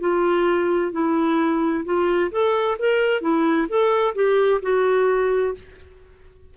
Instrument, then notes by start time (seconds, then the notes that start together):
clarinet
0.00 F4
0.92 E4
1.85 F4
2.31 A4
2.79 A#4
3.21 E4
3.68 A4
4.15 G4
4.62 F#4